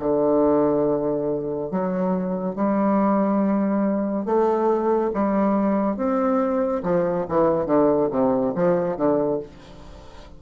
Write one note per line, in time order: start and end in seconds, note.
0.00 1.71 D3
1.71 2.56 F#3
2.56 4.25 G3
4.25 5.11 A3
5.14 5.97 G3
5.97 6.83 C4
6.83 7.26 F3
7.29 7.66 E3
7.66 8.09 D3
8.11 8.54 C3
8.55 8.97 F3
8.97 9.40 D3